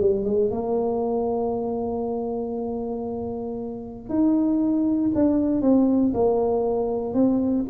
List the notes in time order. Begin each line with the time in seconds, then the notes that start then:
0.00 G3
0.24 G#3
0.50 A#3
4.09 D#4
5.15 D4
5.61 C4
6.14 A#3
7.14 C4